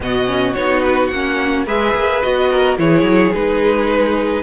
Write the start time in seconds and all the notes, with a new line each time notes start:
0.00 B2 B3 F#4 D#5
0.26 C#4
0.53 B3 D#4 C#5
0.83 B4
1.08 A#3 C#4 F#5
1.66 G#3 G#4 B4 E5
1.95 A#3
2.22 B3 F#4 D#5
2.50 A#4
2.77 E3 E4 G#4 C#5
3.02 F#3
3.33 G#3 D#4 B4